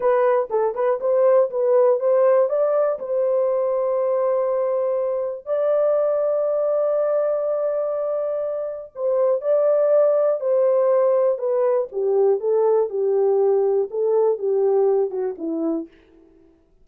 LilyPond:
\new Staff \with { instrumentName = "horn" } { \time 4/4 \tempo 4 = 121 b'4 a'8 b'8 c''4 b'4 | c''4 d''4 c''2~ | c''2. d''4~ | d''1~ |
d''2 c''4 d''4~ | d''4 c''2 b'4 | g'4 a'4 g'2 | a'4 g'4. fis'8 e'4 | }